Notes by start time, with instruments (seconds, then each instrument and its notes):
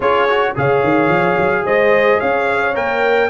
0.00 tuba C#4, trombone F4, horn G#4, trumpet C#5
0.29 trombone F#4
0.55 tuba C#3, trombone G#4, horn C#5, trumpet F5
0.83 tuba D#3
1.08 tuba F3
1.37 tuba F#3
1.65 tuba G#3, horn C5, trumpet D#5
2.19 tuba C#4, horn C#5, trumpet F5
2.74 tuba A#3, trombone A#4, trumpet G5